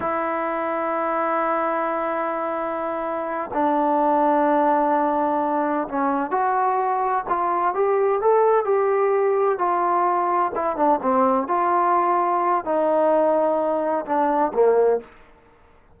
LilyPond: \new Staff \with { instrumentName = "trombone" } { \time 4/4 \tempo 4 = 128 e'1~ | e'2.~ e'8 d'8~ | d'1~ | d'8 cis'4 fis'2 f'8~ |
f'8 g'4 a'4 g'4.~ | g'8 f'2 e'8 d'8 c'8~ | c'8 f'2~ f'8 dis'4~ | dis'2 d'4 ais4 | }